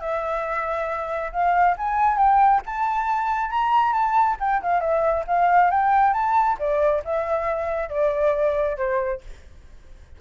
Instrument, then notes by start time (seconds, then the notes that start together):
flute
0.00 E5
1.32 F5
1.77 G#5
2.17 G5
2.66 A5
3.50 A#5
3.93 A5
4.40 G5
4.62 F5
4.80 E5
5.27 F5
5.70 G5
6.13 A5
6.59 D5
7.05 E5
7.89 D5
8.77 C5